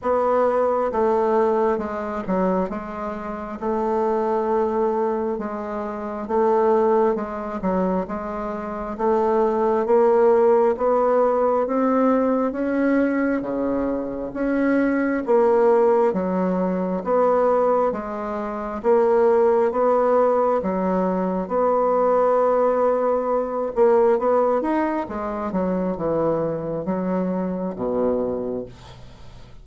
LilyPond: \new Staff \with { instrumentName = "bassoon" } { \time 4/4 \tempo 4 = 67 b4 a4 gis8 fis8 gis4 | a2 gis4 a4 | gis8 fis8 gis4 a4 ais4 | b4 c'4 cis'4 cis4 |
cis'4 ais4 fis4 b4 | gis4 ais4 b4 fis4 | b2~ b8 ais8 b8 dis'8 | gis8 fis8 e4 fis4 b,4 | }